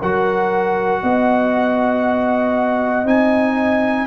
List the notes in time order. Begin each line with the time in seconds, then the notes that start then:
0.00 F#3 F#4 A#4 F#5
1.03 B3 D#5
3.04 C4 D#4 G#5